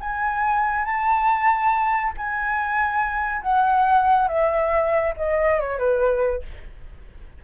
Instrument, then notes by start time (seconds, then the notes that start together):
flute
0.00 G#5
0.85 A5
2.18 G#5
3.42 F#5
4.28 E5
5.17 D#5
5.60 C#5
5.78 B4